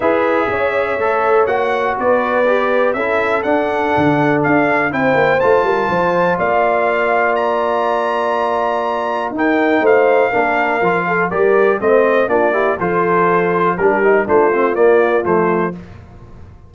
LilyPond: <<
  \new Staff \with { instrumentName = "trumpet" } { \time 4/4 \tempo 4 = 122 e''2. fis''4 | d''2 e''4 fis''4~ | fis''4 f''4 g''4 a''4~ | a''4 f''2 ais''4~ |
ais''2. g''4 | f''2. d''4 | dis''4 d''4 c''2 | ais'4 c''4 d''4 c''4 | }
  \new Staff \with { instrumentName = "horn" } { \time 4/4 b'4 cis''2. | b'2 a'2~ | a'2 c''4. ais'8 | c''4 d''2.~ |
d''2. ais'4 | c''4 ais'4. a'8 ais'4 | c''4 f'8 g'8 a'2 | g'4 f'2. | }
  \new Staff \with { instrumentName = "trombone" } { \time 4/4 gis'2 a'4 fis'4~ | fis'4 g'4 e'4 d'4~ | d'2 e'4 f'4~ | f'1~ |
f'2. dis'4~ | dis'4 d'4 f'4 g'4 | c'4 d'8 e'8 f'2 | d'8 dis'8 d'8 c'8 ais4 a4 | }
  \new Staff \with { instrumentName = "tuba" } { \time 4/4 e'4 cis'4 a4 ais4 | b2 cis'4 d'4 | d4 d'4 c'8 ais8 a8 g8 | f4 ais2.~ |
ais2. dis'4 | a4 ais4 f4 g4 | a4 ais4 f2 | g4 a4 ais4 f4 | }
>>